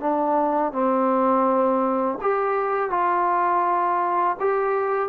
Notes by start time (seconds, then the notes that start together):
0.00 D4
0.72 C4
2.21 G4
2.90 F4
4.40 G4